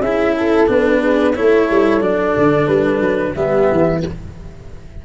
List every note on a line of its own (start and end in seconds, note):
0.00 0.67 C#4
0.00 0.67 E4
0.00 0.35 G#4
0.00 0.35 E5
0.36 1.01 A4
0.36 0.70 A4
0.67 1.35 B3
0.67 1.34 D4
0.67 1.36 B4
1.01 1.34 G#4
1.36 1.70 A3
1.36 2.01 E4
1.36 3.34 A4
1.36 2.02 C#5
1.70 2.01 G3
2.01 2.34 F#3
2.01 3.34 D4
2.01 2.67 D5
2.37 2.68 D3
2.67 3.00 G3
2.67 3.34 B4
3.00 3.34 F#3
3.34 3.69 G3
3.34 4.03 B3
3.34 4.01 G4
3.34 4.02 E5
3.72 4.05 E3